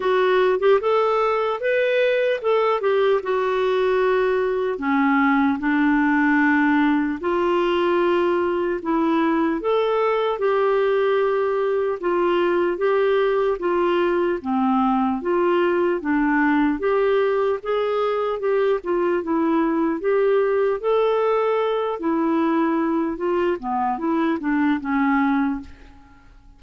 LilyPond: \new Staff \with { instrumentName = "clarinet" } { \time 4/4 \tempo 4 = 75 fis'8. g'16 a'4 b'4 a'8 g'8 | fis'2 cis'4 d'4~ | d'4 f'2 e'4 | a'4 g'2 f'4 |
g'4 f'4 c'4 f'4 | d'4 g'4 gis'4 g'8 f'8 | e'4 g'4 a'4. e'8~ | e'4 f'8 b8 e'8 d'8 cis'4 | }